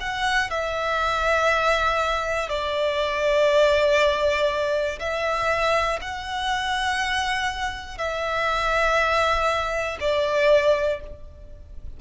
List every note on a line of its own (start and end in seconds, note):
0.00 0.50 F#5
0.50 2.50 E5
2.50 5.00 D5
5.00 6.00 E5
6.01 7.98 F#5
7.98 9.98 E5
10.00 11.00 D5